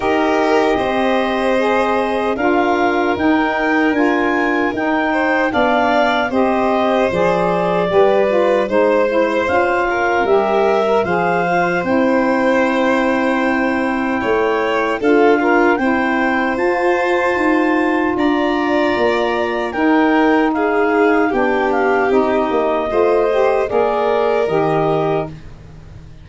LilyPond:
<<
  \new Staff \with { instrumentName = "clarinet" } { \time 4/4 \tempo 4 = 76 dis''2. f''4 | g''4 gis''4 g''4 f''4 | dis''4 d''2 c''4 | f''4 e''4 f''4 g''4~ |
g''2. f''4 | g''4 a''2 ais''4~ | ais''4 g''4 f''4 g''8 f''8 | dis''2 d''4 dis''4 | }
  \new Staff \with { instrumentName = "violin" } { \time 4/4 ais'4 c''2 ais'4~ | ais'2~ ais'8 c''8 d''4 | c''2 b'4 c''4~ | c''8 ais'4. c''2~ |
c''2 cis''4 a'8 f'8 | c''2. d''4~ | d''4 ais'4 gis'4 g'4~ | g'4 c''4 ais'2 | }
  \new Staff \with { instrumentName = "saxophone" } { \time 4/4 g'2 gis'4 f'4 | dis'4 f'4 dis'4 d'4 | g'4 gis'4 g'8 f'8 dis'8 e'8 | f'4 g'8. ais'16 gis'8 f'8 e'4~ |
e'2. f'8 ais'8 | e'4 f'2.~ | f'4 dis'2 d'4 | dis'4 f'8 g'8 gis'4 g'4 | }
  \new Staff \with { instrumentName = "tuba" } { \time 4/4 dis'4 c'2 d'4 | dis'4 d'4 dis'4 b4 | c'4 f4 g4 gis4 | cis'4 g4 f4 c'4~ |
c'2 a4 d'4 | c'4 f'4 dis'4 d'4 | ais4 dis'2 b4 | c'8 ais8 a4 ais4 dis4 | }
>>